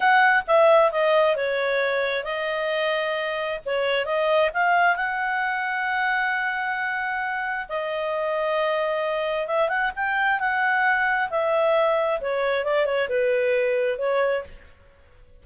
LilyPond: \new Staff \with { instrumentName = "clarinet" } { \time 4/4 \tempo 4 = 133 fis''4 e''4 dis''4 cis''4~ | cis''4 dis''2. | cis''4 dis''4 f''4 fis''4~ | fis''1~ |
fis''4 dis''2.~ | dis''4 e''8 fis''8 g''4 fis''4~ | fis''4 e''2 cis''4 | d''8 cis''8 b'2 cis''4 | }